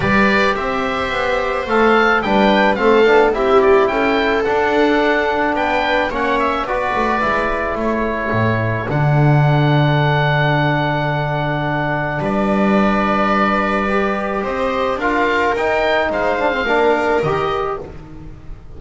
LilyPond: <<
  \new Staff \with { instrumentName = "oboe" } { \time 4/4 \tempo 4 = 108 d''4 e''2 f''4 | g''4 f''4 e''8 d''8 g''4 | fis''2 g''4 fis''8 e''8 | d''2 cis''2 |
fis''1~ | fis''2 d''2~ | d''2 dis''4 f''4 | g''4 f''2 dis''4 | }
  \new Staff \with { instrumentName = "viola" } { \time 4/4 b'4 c''2. | b'4 a'4 g'4 a'4~ | a'2 b'4 cis''4 | b'2 a'2~ |
a'1~ | a'2 b'2~ | b'2 c''4 ais'4~ | ais'4 c''4 ais'2 | }
  \new Staff \with { instrumentName = "trombone" } { \time 4/4 g'2. a'4 | d'4 c'8 d'8 e'2 | d'2. cis'4 | fis'4 e'2. |
d'1~ | d'1~ | d'4 g'2 f'4 | dis'4. d'16 c'16 d'4 g'4 | }
  \new Staff \with { instrumentName = "double bass" } { \time 4/4 g4 c'4 b4 a4 | g4 a8 b8 c'4 cis'4 | d'2 b4 ais4 | b8 a8 gis4 a4 a,4 |
d1~ | d2 g2~ | g2 c'4 d'4 | dis'4 gis4 ais4 dis4 | }
>>